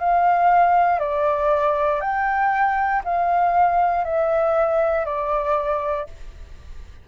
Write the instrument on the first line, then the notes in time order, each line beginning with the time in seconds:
flute
0.00 F5
0.99 D5
2.01 G5
3.05 F5
4.04 E5
5.05 D5